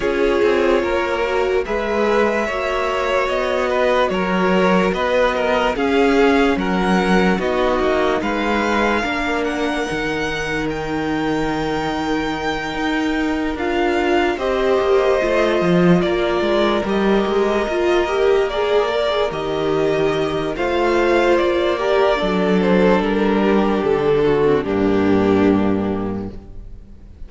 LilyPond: <<
  \new Staff \with { instrumentName = "violin" } { \time 4/4 \tempo 4 = 73 cis''2 e''2 | dis''4 cis''4 dis''4 f''4 | fis''4 dis''4 f''4. fis''8~ | fis''4 g''2.~ |
g''8 f''4 dis''2 d''8~ | d''8 dis''2 d''4 dis''8~ | dis''4 f''4 d''4. c''8 | ais'4 a'4 g'2 | }
  \new Staff \with { instrumentName = "violin" } { \time 4/4 gis'4 ais'4 b'4 cis''4~ | cis''8 b'8 ais'4 b'8 ais'8 gis'4 | ais'4 fis'4 b'4 ais'4~ | ais'1~ |
ais'4. c''2 ais'8~ | ais'1~ | ais'4 c''4. ais'8 a'4~ | a'8 g'4 fis'8 d'2 | }
  \new Staff \with { instrumentName = "viola" } { \time 4/4 f'4. fis'8 gis'4 fis'4~ | fis'2. cis'4~ | cis'4 dis'2 d'4 | dis'1~ |
dis'8 f'4 g'4 f'4.~ | f'8 g'4 f'8 g'8 gis'8 ais'16 gis'16 g'8~ | g'4 f'4. g'8 d'4~ | d'4.~ d'16 c'16 ais2 | }
  \new Staff \with { instrumentName = "cello" } { \time 4/4 cis'8 c'8 ais4 gis4 ais4 | b4 fis4 b4 cis'4 | fis4 b8 ais8 gis4 ais4 | dis2.~ dis8 dis'8~ |
dis'8 d'4 c'8 ais8 a8 f8 ais8 | gis8 g8 gis8 ais2 dis8~ | dis4 a4 ais4 fis4 | g4 d4 g,2 | }
>>